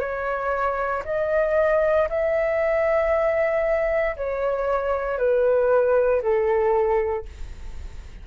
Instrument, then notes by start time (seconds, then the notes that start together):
flute
0.00 C#5
1.05 D#5
2.10 E5
4.17 C#5
5.18 B4
6.22 A4